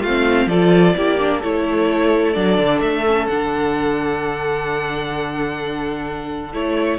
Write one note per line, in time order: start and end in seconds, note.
0.00 0.46 A3
0.00 0.47 F4
0.00 0.48 F5
0.07 0.49 C4
0.46 0.93 F3
0.46 0.95 F4
0.46 0.95 A4
0.46 1.41 D5
0.96 1.43 A#3
0.96 1.18 E4
0.96 1.39 G4
1.18 1.41 D4
1.39 2.36 A3
1.39 2.34 E4
1.39 6.97 A4
1.39 2.32 C#5
2.32 2.57 F#3
2.32 3.04 D4
2.32 2.79 D5
2.57 2.80 D3
2.80 3.27 A3
2.80 3.27 E5
3.05 3.29 C#4
3.27 6.54 D3
3.27 6.53 D4
3.27 6.52 F#5
6.53 6.98 A3
6.53 6.98 E4
6.53 6.98 C#5